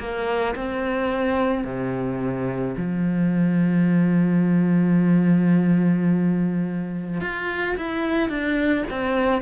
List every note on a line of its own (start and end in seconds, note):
0.00 0.56 A#3
0.56 1.65 C4
1.65 2.76 C3
2.78 7.21 F3
7.21 7.77 F4
7.78 8.29 E4
8.29 8.85 D4
8.91 9.42 C4